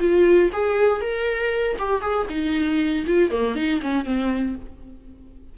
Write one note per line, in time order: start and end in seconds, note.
0.00 0.50 F4
0.53 1.01 G#4
1.01 1.77 A#4
1.79 2.02 G4
2.02 2.27 G#4
2.29 3.05 D#4
3.07 3.31 F4
3.31 3.56 A#3
3.56 3.81 D#4
3.82 4.05 C#4
4.05 4.56 C4